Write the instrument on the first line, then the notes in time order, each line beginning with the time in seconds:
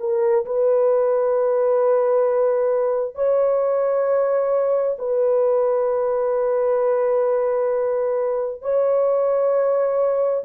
horn
0.00 A#4
0.46 B4
3.15 C#5
4.99 B4
8.62 C#5